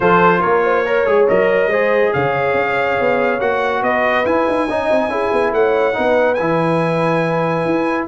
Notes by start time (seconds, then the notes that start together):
0.00 F3 F4 A4 C5
0.40 A#3 A#4 C#5
0.64 C5
0.85 A#4 C#5
1.05 G#3 G#4
1.28 F#3 A#4 D#5
1.67 G#3 G#4 C5
2.13 C#3 C#5 F5
2.53 C#4
3.00 B3
3.39 A#3 F#4 F#5
3.82 B3 B4 D#5
4.25 E4 G#5
4.48 D#4
4.68 C#4 D#4 D#5
4.90 C4
5.08 C#4 E4 G#4
5.32 B3
5.52 A3 C#5 F#5
5.93 B3 D#4 B4
6.34 E3 E4 G#5
7.65 E4